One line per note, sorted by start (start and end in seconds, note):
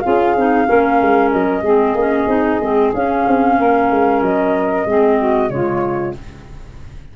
0.00 0.35 C#4
0.00 0.36 F4
0.00 0.67 G#4
0.00 1.29 F5
0.35 0.67 C4
0.35 0.66 D#4
0.66 1.01 A#3
0.66 1.62 C#4
0.66 1.61 A#4
1.01 1.33 G#3
1.31 1.62 F#3
1.31 2.92 D#5
1.61 1.94 G#3
1.61 1.97 C4
1.61 3.55 G#4
1.94 2.26 A#3
1.94 2.28 C#4
2.27 2.59 C4
2.27 2.60 D#4
2.60 2.93 G#3
2.60 2.94 C4
2.94 3.26 C#4
2.94 4.87 C#4
2.94 4.22 F5
3.27 3.58 C4
3.58 3.90 A#3
3.58 4.87 A#4
3.90 4.22 G#3
4.22 4.85 F#3
4.22 5.49 D#5
4.85 5.50 G#3
4.85 5.49 C4
4.85 5.18 G#4
5.18 5.51 F#4
5.49 6.14 C#3
5.49 6.13 G#3
5.49 6.16 F4
5.49 6.14 C#5